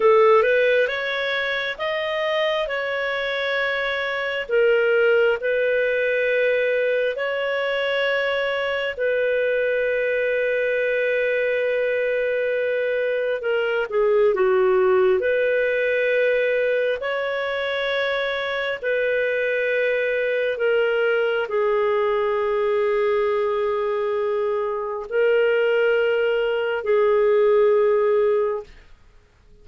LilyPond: \new Staff \with { instrumentName = "clarinet" } { \time 4/4 \tempo 4 = 67 a'8 b'8 cis''4 dis''4 cis''4~ | cis''4 ais'4 b'2 | cis''2 b'2~ | b'2. ais'8 gis'8 |
fis'4 b'2 cis''4~ | cis''4 b'2 ais'4 | gis'1 | ais'2 gis'2 | }